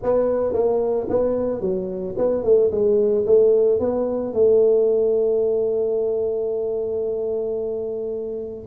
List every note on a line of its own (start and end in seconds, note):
0.02 0.53 B3
0.53 1.07 A#3
1.09 1.61 B3
1.61 2.15 F#3
2.17 2.43 B3
2.43 2.70 A3
2.71 3.25 G#3
3.26 3.79 A3
3.79 4.33 B3
4.33 8.65 A3